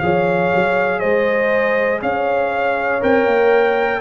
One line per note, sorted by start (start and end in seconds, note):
0.00 0.52 F3
0.00 3.01 G#4
0.00 1.00 C#5
0.00 1.00 F5
0.55 1.04 F#3
1.00 2.02 G#3
1.00 2.00 C5
1.00 2.00 D#5
2.02 3.02 C#4
2.02 4.01 C#5
2.02 3.03 F5
3.01 3.26 C4
3.01 4.01 A#4
3.01 4.01 G5
3.26 4.01 A#3